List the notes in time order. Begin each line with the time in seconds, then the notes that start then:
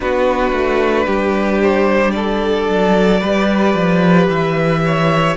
0.00 B3 D4 F#4 B4
0.52 A3
1.06 G3 G4
1.61 C5
2.10 A4 D5
2.68 F#3
3.20 G3 G4 B4
3.74 F3
4.28 E3 E5
4.85 C#5